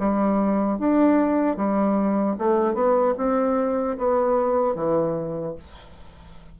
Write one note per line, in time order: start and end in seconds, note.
0.00 0.79 G3
0.79 1.57 D4
1.57 2.37 G3
2.39 2.75 A3
2.75 3.15 B3
3.18 3.98 C4
3.98 4.75 B3
4.75 5.55 E3